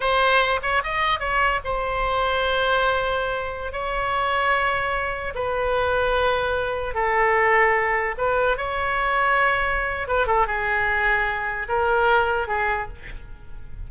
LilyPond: \new Staff \with { instrumentName = "oboe" } { \time 4/4 \tempo 4 = 149 c''4. cis''8 dis''4 cis''4 | c''1~ | c''4~ c''16 cis''2~ cis''8.~ | cis''4~ cis''16 b'2~ b'8.~ |
b'4~ b'16 a'2~ a'8.~ | a'16 b'4 cis''2~ cis''8.~ | cis''4 b'8 a'8 gis'2~ | gis'4 ais'2 gis'4 | }